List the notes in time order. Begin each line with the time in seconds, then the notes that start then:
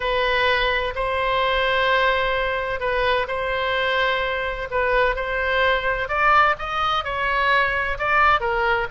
0.00 B4
0.95 C5
2.80 B4
3.27 C5
4.70 B4
5.15 C5
6.08 D5
6.58 D#5
7.04 C#5
7.98 D5
8.40 A#4